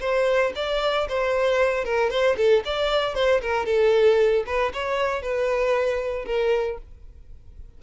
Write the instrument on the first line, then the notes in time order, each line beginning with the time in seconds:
violin
0.00 C5
0.55 D5
1.09 C5
1.85 A#4
2.10 C5
2.37 A4
2.65 D5
3.14 C5
3.41 A#4
3.66 A4
4.46 B4
4.73 C#5
5.22 B4
6.25 A#4